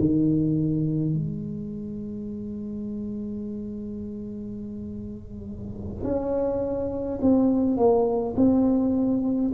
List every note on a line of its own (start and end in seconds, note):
0.00 1.14 D#3
1.14 6.04 G#3
6.04 7.19 C#4
7.21 7.77 C4
7.77 8.35 A#3
8.36 9.51 C4